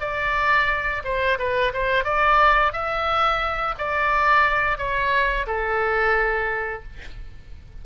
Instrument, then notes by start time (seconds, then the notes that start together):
oboe
0.00 D5
1.04 C5
1.39 B4
1.74 C5
2.04 D5
2.72 E5
3.78 D5
4.78 C#5
5.47 A4